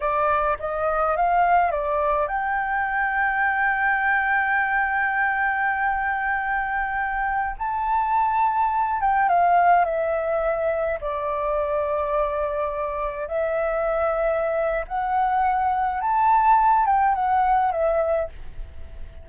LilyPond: \new Staff \with { instrumentName = "flute" } { \time 4/4 \tempo 4 = 105 d''4 dis''4 f''4 d''4 | g''1~ | g''1~ | g''4~ g''16 a''2~ a''8 g''16~ |
g''16 f''4 e''2 d''8.~ | d''2.~ d''16 e''8.~ | e''2 fis''2 | a''4. g''8 fis''4 e''4 | }